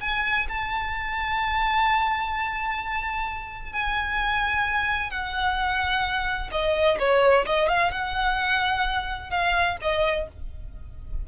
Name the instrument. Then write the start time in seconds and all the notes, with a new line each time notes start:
violin
0.00 G#5
0.48 A5
3.72 G#5
5.10 F#5
6.51 D#5
6.99 C#5
7.45 D#5
7.68 F5
7.91 F#5
9.30 F5
9.81 D#5